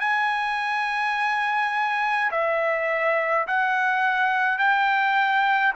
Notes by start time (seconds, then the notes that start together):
0.00 G#5
2.32 E5
3.47 F#5
4.58 G5